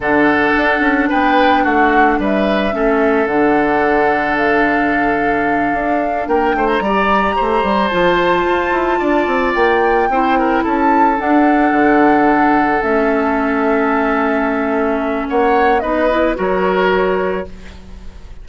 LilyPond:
<<
  \new Staff \with { instrumentName = "flute" } { \time 4/4 \tempo 4 = 110 fis''2 g''4 fis''4 | e''2 fis''2 | f''2.~ f''8 g''8~ | g''16 ais''2~ ais''16 a''4.~ |
a''4. g''2 a''8~ | a''8 fis''2. e''8~ | e''1 | fis''4 dis''4 cis''2 | }
  \new Staff \with { instrumentName = "oboe" } { \time 4/4 a'2 b'4 fis'4 | b'4 a'2.~ | a'2.~ a'8 ais'8 | c''8 d''4 c''2~ c''8~ |
c''8 d''2 c''8 ais'8 a'8~ | a'1~ | a'1 | cis''4 b'4 ais'2 | }
  \new Staff \with { instrumentName = "clarinet" } { \time 4/4 d'1~ | d'4 cis'4 d'2~ | d'1~ | d'8 g'2 f'4.~ |
f'2~ f'8 e'4.~ | e'8 d'2. cis'8~ | cis'1~ | cis'4 dis'8 e'8 fis'2 | }
  \new Staff \with { instrumentName = "bassoon" } { \time 4/4 d4 d'8 cis'8 b4 a4 | g4 a4 d2~ | d2~ d8 d'4 ais8 | a8 g4 a8 g8 f4 f'8 |
e'8 d'8 c'8 ais4 c'4 cis'8~ | cis'8 d'4 d2 a8~ | a1 | ais4 b4 fis2 | }
>>